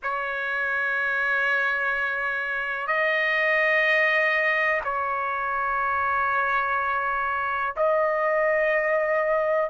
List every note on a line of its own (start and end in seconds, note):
0.02 2.87 C#5
2.87 4.80 D#5
4.84 7.74 C#5
7.76 9.70 D#5